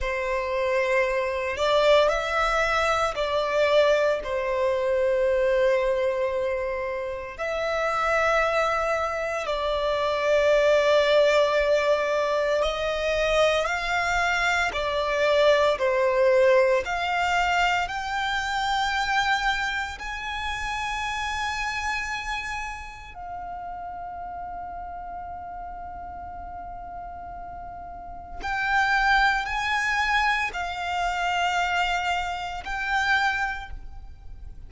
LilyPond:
\new Staff \with { instrumentName = "violin" } { \time 4/4 \tempo 4 = 57 c''4. d''8 e''4 d''4 | c''2. e''4~ | e''4 d''2. | dis''4 f''4 d''4 c''4 |
f''4 g''2 gis''4~ | gis''2 f''2~ | f''2. g''4 | gis''4 f''2 g''4 | }